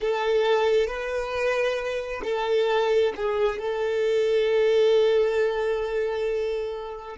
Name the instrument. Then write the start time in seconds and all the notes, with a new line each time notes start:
violin
0.00 A4
0.87 B4
2.23 A4
3.15 G#4
3.58 A4